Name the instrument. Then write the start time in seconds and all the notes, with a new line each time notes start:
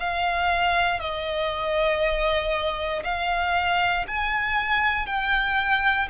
violin
0.00 F5
1.00 D#5
3.04 F5
4.07 G#5
5.07 G5